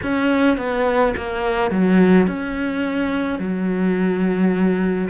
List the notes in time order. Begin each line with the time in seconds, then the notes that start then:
0.03 C#4
0.57 B3
1.16 A#3
1.70 F#3
2.26 C#4
3.39 F#3